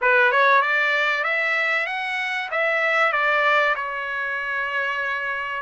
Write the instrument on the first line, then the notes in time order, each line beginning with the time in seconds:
trumpet
0.01 B4
0.31 C#5
0.61 D5
1.24 E5
1.86 F#5
2.51 E5
3.12 D5
3.75 C#5